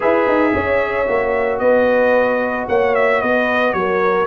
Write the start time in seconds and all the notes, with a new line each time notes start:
0.00 E4 G#4 B4 E5
0.27 D#4
0.54 C#4 C#5
1.07 A#3 F#4
1.58 B3 B4 D#5
2.68 A#3 C#5 F#5
2.94 E5
3.20 B3 B4 D#5
3.73 F#3 A#4 C#5